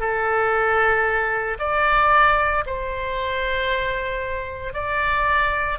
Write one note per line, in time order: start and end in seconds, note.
0.00 1.58 A4
1.59 2.64 D5
2.66 4.73 C5
4.73 5.78 D5